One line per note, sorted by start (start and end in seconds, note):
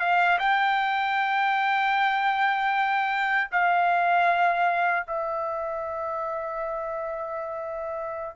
0.00 0.39 F5
0.39 3.51 G5
3.52 5.07 F5
5.07 8.36 E5